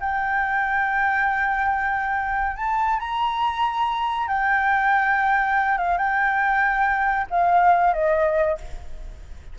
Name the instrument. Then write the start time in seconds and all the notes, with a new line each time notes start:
flute
0.00 G5
2.57 A5
2.99 A#5
4.28 G5
5.78 F5
5.98 G5
7.30 F5
7.93 D#5